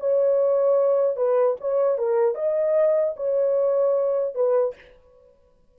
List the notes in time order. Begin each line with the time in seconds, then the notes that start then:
0.00 C#5
1.17 B4
1.61 C#5
1.99 A#4
2.35 D#5
3.17 C#5
4.35 B4